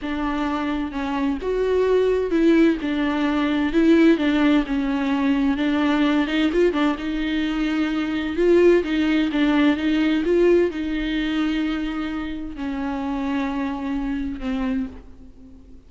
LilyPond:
\new Staff \with { instrumentName = "viola" } { \time 4/4 \tempo 4 = 129 d'2 cis'4 fis'4~ | fis'4 e'4 d'2 | e'4 d'4 cis'2 | d'4. dis'8 f'8 d'8 dis'4~ |
dis'2 f'4 dis'4 | d'4 dis'4 f'4 dis'4~ | dis'2. cis'4~ | cis'2. c'4 | }